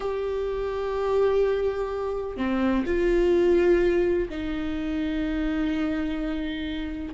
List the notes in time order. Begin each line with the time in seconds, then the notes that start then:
0.00 G4
2.36 C4
2.86 F4
4.29 D#4